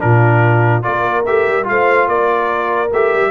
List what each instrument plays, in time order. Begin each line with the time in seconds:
0.00 tuba A#2, trombone D4, horn F4, trumpet A#4
0.83 tuba A#3, trombone F4, horn A#4, trumpet D5
1.26 tuba A3, trombone G4, trumpet E5
1.48 tuba G3
1.64 tuba A3, trombone F4, trumpet F5
1.71 horn C5
2.08 tuba A#3, horn A#4, trumpet D5
2.92 tuba A3, trombone G4, trumpet E5
3.13 tuba G3